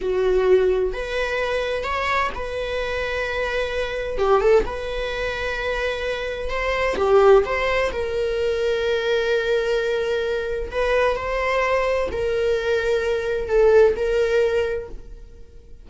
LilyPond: \new Staff \with { instrumentName = "viola" } { \time 4/4 \tempo 4 = 129 fis'2 b'2 | cis''4 b'2.~ | b'4 g'8 a'8 b'2~ | b'2 c''4 g'4 |
c''4 ais'2.~ | ais'2. b'4 | c''2 ais'2~ | ais'4 a'4 ais'2 | }